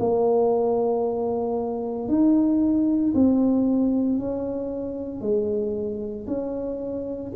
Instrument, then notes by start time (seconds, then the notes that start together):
tuba
0.00 A#3
2.09 D#4
3.14 C4
4.19 C#4
5.22 G#3
6.27 C#4